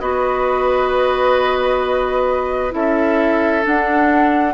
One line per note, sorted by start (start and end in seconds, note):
0.00 2.73 B3
0.00 2.70 F#4
0.00 2.74 B4
0.00 2.73 D#5
2.70 3.65 C#4
2.70 3.61 E4
2.70 4.54 A4
2.70 3.65 E5
3.62 4.53 D4
3.62 4.54 D4
3.62 4.54 F#5